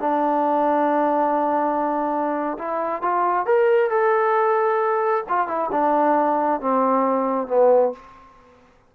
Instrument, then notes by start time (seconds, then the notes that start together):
trombone
0.00 D4
2.58 E4
3.02 F4
3.46 A#4
3.90 A4
5.29 F4
5.47 E4
5.71 D4
6.61 C4
7.48 B3